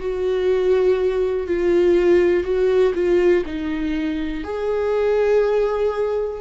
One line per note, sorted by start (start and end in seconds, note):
0.00 1.47 F#4
1.47 2.44 F4
2.44 2.93 F#4
2.95 3.44 F4
3.46 4.44 D#4
4.44 6.41 G#4